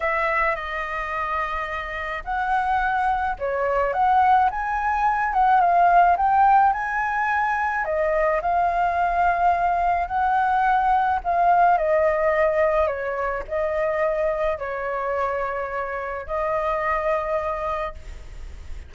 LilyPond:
\new Staff \with { instrumentName = "flute" } { \time 4/4 \tempo 4 = 107 e''4 dis''2. | fis''2 cis''4 fis''4 | gis''4. fis''8 f''4 g''4 | gis''2 dis''4 f''4~ |
f''2 fis''2 | f''4 dis''2 cis''4 | dis''2 cis''2~ | cis''4 dis''2. | }